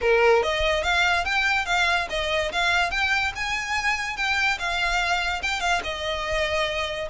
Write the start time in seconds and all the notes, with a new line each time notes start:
0.01 A#4
0.42 D#5
0.83 F5
1.25 G5
1.65 F5
2.09 D#5
2.52 F5
2.91 G5
3.35 G#5
4.16 G5
4.58 F5
5.42 G5
5.60 F5
5.83 D#5